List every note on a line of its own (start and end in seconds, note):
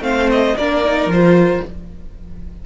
0.00 0.54 A3
0.00 0.55 C4
0.00 0.57 C5
0.00 0.29 F5
0.30 0.57 D#5
0.57 1.06 A#3
0.57 0.84 D4
0.57 1.64 A#4
0.57 1.10 D5
0.84 1.11 D#4
1.06 1.59 F3
1.06 1.65 C5
1.12 1.66 F4